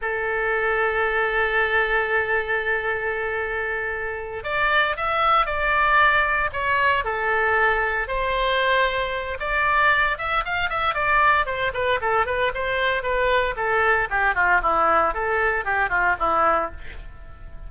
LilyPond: \new Staff \with { instrumentName = "oboe" } { \time 4/4 \tempo 4 = 115 a'1~ | a'1~ | a'8 d''4 e''4 d''4.~ | d''8 cis''4 a'2 c''8~ |
c''2 d''4. e''8 | f''8 e''8 d''4 c''8 b'8 a'8 b'8 | c''4 b'4 a'4 g'8 f'8 | e'4 a'4 g'8 f'8 e'4 | }